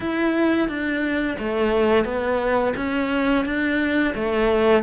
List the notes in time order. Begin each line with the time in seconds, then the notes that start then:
0.00 E4
0.68 D4
1.38 A3
2.04 B3
2.76 C#4
3.45 D4
4.14 A3